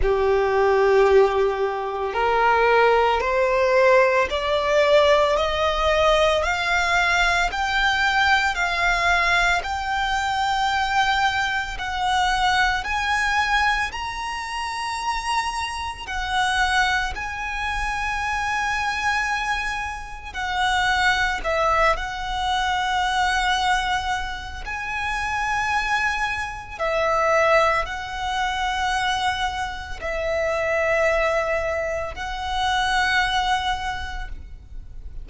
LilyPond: \new Staff \with { instrumentName = "violin" } { \time 4/4 \tempo 4 = 56 g'2 ais'4 c''4 | d''4 dis''4 f''4 g''4 | f''4 g''2 fis''4 | gis''4 ais''2 fis''4 |
gis''2. fis''4 | e''8 fis''2~ fis''8 gis''4~ | gis''4 e''4 fis''2 | e''2 fis''2 | }